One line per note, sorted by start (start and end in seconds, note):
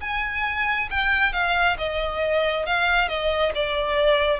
0.00 0.88 G#5
0.90 1.32 G5
1.32 1.76 F5
1.78 2.66 D#5
2.66 3.08 F5
3.08 3.52 D#5
3.55 4.39 D5